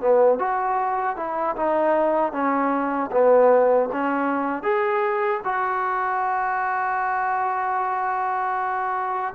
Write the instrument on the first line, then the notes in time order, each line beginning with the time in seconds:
trombone
0.00 B3
0.38 F#4
1.16 E4
1.55 D#4
2.32 C#4
3.11 B3
3.92 C#4
4.62 G#4
5.44 F#4